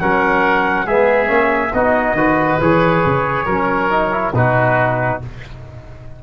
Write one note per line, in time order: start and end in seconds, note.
0.00 0.86 F#3
0.00 0.87 C#4
0.00 0.86 A#4
0.00 0.87 F#5
0.86 1.29 G#3
0.86 1.26 B3
0.86 1.73 G#4
0.86 1.74 E5
1.26 1.73 A#3
1.26 1.70 C#4
1.74 2.14 B3
1.74 2.17 D#4
1.74 2.16 F#4
1.74 2.61 D#5
2.14 2.57 D#3
2.14 2.61 F#4
2.14 3.45 B4
2.61 3.05 E3
2.61 3.48 G#4
2.61 4.35 C#5
3.05 3.46 C#3
3.45 4.33 F#3
3.45 3.90 C#4
3.45 4.32 A#4
3.90 4.12 D#4
4.12 4.33 E4
4.34 5.21 B2
4.34 5.22 D#4
4.34 5.23 F#4
4.34 5.22 B4